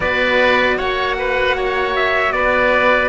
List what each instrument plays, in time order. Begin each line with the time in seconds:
0.00 cello B3 F#4, oboe B4, trumpet D5
0.77 cello A#3, oboe C#5, trumpet F#5
1.18 oboe B4
1.56 oboe C#5
1.95 trumpet E5
2.32 cello B3, oboe B4, trumpet D5